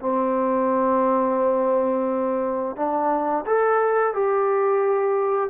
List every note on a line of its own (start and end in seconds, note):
0.00 2.76 C4
2.76 3.45 D4
3.46 4.14 A4
4.14 5.50 G4